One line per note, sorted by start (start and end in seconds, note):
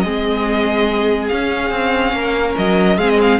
0.00 1.31 G#3
0.00 1.31 C4
0.00 2.14 G#4
0.00 1.27 D#5
1.28 3.00 C#4
1.28 1.70 C#4
1.28 2.55 F5
1.70 2.12 C4
2.12 2.55 A#3
2.12 2.98 A#4
2.57 2.97 F#3
2.57 2.98 D#5
2.97 3.39 G#3
2.97 3.40 C4
2.97 3.40 G#4
2.97 3.09 F5
3.09 3.20 D#5
3.21 3.40 F5